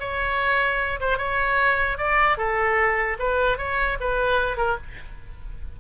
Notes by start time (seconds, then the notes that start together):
0.00 C#5
1.01 C5
1.18 C#5
1.98 D5
2.38 A4
3.19 B4
3.58 C#5
4.00 B4
4.57 A#4